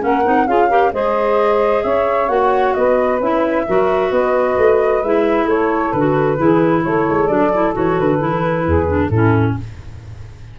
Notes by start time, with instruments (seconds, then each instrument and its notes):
0.00 tuba A#3, clarinet C#4, saxophone A#4, flute F#5
0.25 tuba C4, clarinet D#4
0.47 tuba C#4, clarinet F4, saxophone G#4, flute F5
0.68 clarinet G4, saxophone A#4
0.93 tuba G#3, clarinet G#4, saxophone C5, flute D#5
1.84 tuba C#4, saxophone C#5, flute E5
2.29 tuba A#3, clarinet F#4, flute F#5
2.74 tuba B3, saxophone B4, flute D#5
3.20 tuba C#4, clarinet E4, flute E5
3.66 tuba F#3, clarinet F#4, saxophone A#4
4.10 tuba B3, saxophone B4, flute D#5
4.58 tuba A3
5.03 tuba G#3, clarinet E4, flute E5
5.46 tuba A3, saxophone A4, flute C#5
5.93 tuba D3, clarinet F#4, flute B4
6.38 tuba E3, clarinet E4, saxophone G#4
6.84 tuba A3, saxophone A4, flute C#5
7.10 tuba G#3
7.28 tuba F#3, clarinet D4, flute D5
7.54 clarinet E4
7.73 tuba E3, clarinet F#4, flute C#5
8.00 tuba D3, flute B4
8.19 tuba E3, clarinet E4
8.66 tuba E2, saxophone G#4
8.88 clarinet D4
9.09 tuba A2, clarinet C#4, saxophone E4, flute A4